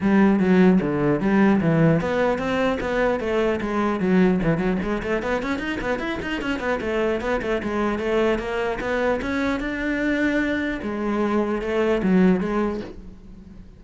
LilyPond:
\new Staff \with { instrumentName = "cello" } { \time 4/4 \tempo 4 = 150 g4 fis4 d4 g4 | e4 b4 c'4 b4 | a4 gis4 fis4 e8 fis8 | gis8 a8 b8 cis'8 dis'8 b8 e'8 dis'8 |
cis'8 b8 a4 b8 a8 gis4 | a4 ais4 b4 cis'4 | d'2. gis4~ | gis4 a4 fis4 gis4 | }